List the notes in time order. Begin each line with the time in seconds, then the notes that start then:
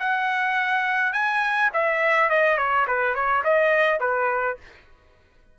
0.00 F#5
1.13 G#5
1.74 E5
2.30 D#5
2.58 C#5
2.88 B4
3.15 C#5
3.44 D#5
4.00 B4